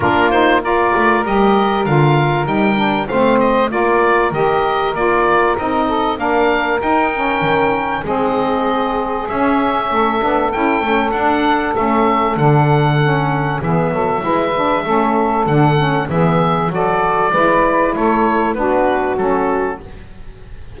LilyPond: <<
  \new Staff \with { instrumentName = "oboe" } { \time 4/4 \tempo 4 = 97 ais'8 c''8 d''4 dis''4 f''4 | g''4 f''8 dis''8 d''4 dis''4 | d''4 dis''4 f''4 g''4~ | g''4 dis''2 e''4~ |
e''4 g''4 fis''4 e''4 | fis''2 e''2~ | e''4 fis''4 e''4 d''4~ | d''4 cis''4 b'4 a'4 | }
  \new Staff \with { instrumentName = "saxophone" } { \time 4/4 f'4 ais'2.~ | ais'4 c''4 ais'2~ | ais'4. a'8 ais'2~ | ais'4 gis'2. |
a'1~ | a'2 gis'8 a'8 b'4 | a'2 gis'4 a'4 | b'4 a'4 fis'2 | }
  \new Staff \with { instrumentName = "saxophone" } { \time 4/4 d'8 dis'8 f'4 g'4 f'4 | dis'8 d'8 c'4 f'4 g'4 | f'4 dis'4 d'4 dis'8 cis'8~ | cis'4 c'2 cis'4~ |
cis'8 d'8 e'8 cis'8 d'4 cis'4 | d'4 cis'4 b4 e'8 d'8 | cis'4 d'8 cis'8 b4 fis'4 | e'2 d'4 cis'4 | }
  \new Staff \with { instrumentName = "double bass" } { \time 4/4 ais4. a8 g4 d4 | g4 a4 ais4 dis4 | ais4 c'4 ais4 dis'4 | dis4 gis2 cis'4 |
a8 b8 cis'8 a8 d'4 a4 | d2 e8 fis8 gis4 | a4 d4 e4 fis4 | gis4 a4 b4 fis4 | }
>>